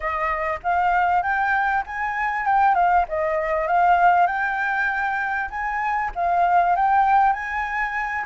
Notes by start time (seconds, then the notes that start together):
0.00 D#5
0.63 F5
1.22 G5
1.86 G#5
2.45 G5
2.74 F5
3.08 D#5
3.67 F5
4.26 G5
5.50 G#5
6.15 F5
6.75 G5
7.32 G#5